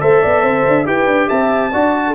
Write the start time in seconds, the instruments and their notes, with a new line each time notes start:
0.00 tuba A3, trombone A4, horn C5, trumpet E5
0.22 tuba B3, horn D5
0.43 tuba C4, horn C5
0.68 tuba D4
0.85 tuba E4, trombone G4, horn B4, trumpet G5
1.07 tuba D4
1.28 tuba C4, horn E5, trumpet A5
1.72 tuba D4, trombone F#4, horn D5
2.07 horn A4